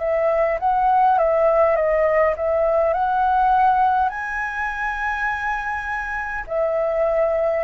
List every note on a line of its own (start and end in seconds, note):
0.00 0.59 E5
0.60 1.19 F#5
1.19 1.76 E5
1.76 2.35 D#5
2.37 2.94 E5
2.94 4.10 F#5
4.10 6.45 G#5
6.48 7.65 E5